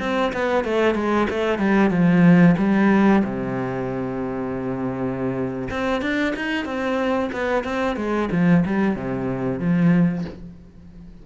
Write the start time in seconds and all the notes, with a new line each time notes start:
0.00 C4
0.33 B3
0.65 A3
0.95 G#3
1.30 A3
1.59 G3
1.91 F3
2.58 G3
3.25 C3
5.71 C4
6.02 D4
6.36 D#4
6.66 C4
7.33 B3
7.64 C4
7.97 G#3
8.32 F3
8.66 G3
8.96 C3
9.60 F3